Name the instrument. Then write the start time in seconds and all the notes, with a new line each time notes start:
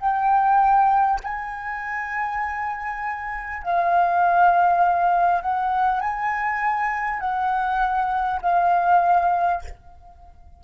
flute
0.00 G5
1.23 G#5
3.62 F5
5.41 F#5
6.00 G#5
7.19 F#5
8.41 F5